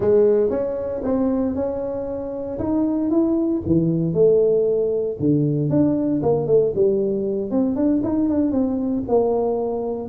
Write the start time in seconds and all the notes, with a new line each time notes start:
0.00 G#3
0.50 C#4
1.03 C4
1.55 C#4
2.58 D#4
3.10 E4
3.66 E3
4.13 A3
5.19 D3
5.69 D4
6.22 A#3
6.47 A3
6.75 G3
7.50 C4
7.75 D4
8.03 D#4
8.29 D4
8.51 C4
9.08 A#3